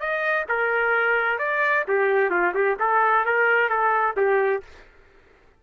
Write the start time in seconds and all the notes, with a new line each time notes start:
0.00 D#5
0.49 A#4
1.39 D5
1.88 G4
2.30 F4
2.54 G4
2.80 A4
3.26 A#4
3.70 A4
4.17 G4